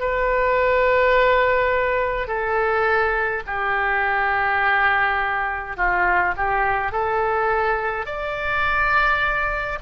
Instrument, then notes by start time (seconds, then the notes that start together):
oboe
0.00 B4
2.28 A4
3.47 G4
5.77 F4
6.37 G4
6.92 A4
8.06 D5